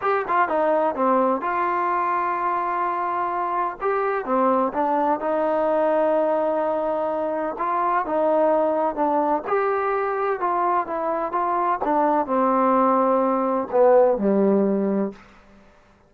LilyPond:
\new Staff \with { instrumentName = "trombone" } { \time 4/4 \tempo 4 = 127 g'8 f'8 dis'4 c'4 f'4~ | f'1 | g'4 c'4 d'4 dis'4~ | dis'1 |
f'4 dis'2 d'4 | g'2 f'4 e'4 | f'4 d'4 c'2~ | c'4 b4 g2 | }